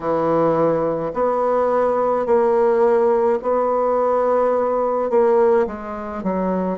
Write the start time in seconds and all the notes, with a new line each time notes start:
0.00 E3
1.13 B3
2.25 A#3
3.42 B3
5.09 A#3
5.67 G#3
6.23 F#3